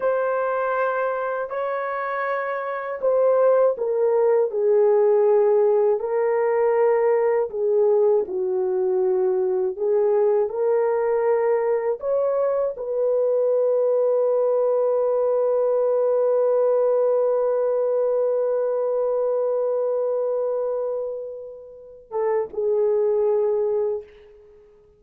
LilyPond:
\new Staff \with { instrumentName = "horn" } { \time 4/4 \tempo 4 = 80 c''2 cis''2 | c''4 ais'4 gis'2 | ais'2 gis'4 fis'4~ | fis'4 gis'4 ais'2 |
cis''4 b'2.~ | b'1~ | b'1~ | b'4. a'8 gis'2 | }